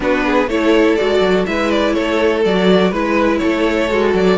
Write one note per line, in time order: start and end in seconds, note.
0.00 0.46 B3
0.00 0.48 D4
0.00 0.25 F#4
0.00 0.49 B4
0.25 0.50 G#4
0.46 0.95 A3
0.46 0.98 E4
0.46 1.47 A4
0.46 0.95 C#5
0.95 1.20 G#3
0.95 1.46 F#4
0.95 1.44 D5
1.20 1.44 F#3
1.46 1.96 G#3
1.46 2.43 E4
1.46 1.95 B4
1.46 1.70 E5
1.70 1.93 D5
1.93 2.45 A3
1.93 2.90 A4
1.93 2.41 C#5
2.44 2.91 F#3
2.44 2.93 F#4
2.44 2.93 D5
2.90 3.40 G#3
2.90 3.89 E4
2.90 3.39 B4
2.90 3.37 B4
3.37 3.91 A3
3.37 4.37 A4
3.37 4.11 C#5
3.89 4.14 G#3
3.89 4.37 F#4
4.14 4.37 F#3
4.14 4.37 D5